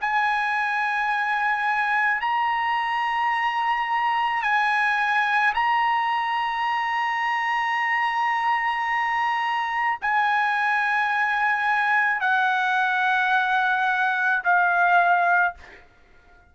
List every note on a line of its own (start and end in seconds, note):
0.00 2.21 G#5
2.21 4.42 A#5
4.42 5.53 G#5
5.54 9.98 A#5
10.01 12.20 G#5
12.20 14.42 F#5
14.43 15.55 F5